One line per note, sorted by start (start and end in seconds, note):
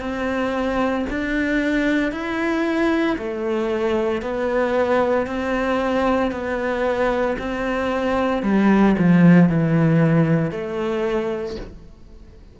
0.00 1.05 C4
1.10 2.12 D4
2.12 3.17 E4
3.18 4.22 A3
4.22 5.26 B3
5.26 6.31 C4
6.31 7.36 B3
7.39 8.43 C4
8.43 8.95 G3
8.99 9.49 F3
9.49 10.51 E3
10.51 11.56 A3